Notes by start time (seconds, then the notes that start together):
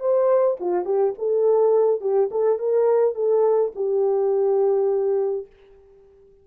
0.00 C5
0.60 F4
0.85 G4
1.18 A4
2.01 G4
2.31 A4
2.59 A#4
3.15 A4
3.75 G4